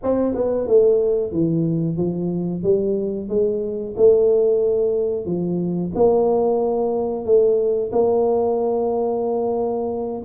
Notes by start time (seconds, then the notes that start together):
0.03 C4
0.34 B3
0.67 A3
1.32 E3
1.97 F3
2.63 G3
3.28 G#3
3.97 A3
5.25 F3
5.94 A#3
7.25 A3
7.92 A#3